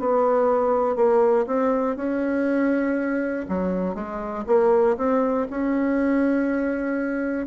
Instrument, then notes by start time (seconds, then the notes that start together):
bassoon
0.00 B3
0.96 A#3
1.47 C4
1.97 C#4
3.49 F#3
3.95 G#3
4.47 A#3
4.97 C4
5.50 C#4